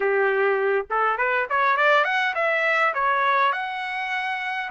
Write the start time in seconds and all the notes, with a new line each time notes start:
0.00 G4
0.90 A4
1.17 B4
1.49 C#5
1.76 D5
2.04 F#5
2.34 E5
2.94 C#5
3.52 F#5